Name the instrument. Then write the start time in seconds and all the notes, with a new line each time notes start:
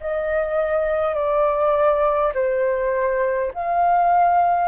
flute
0.00 D#5
1.14 D5
2.34 C5
3.53 F5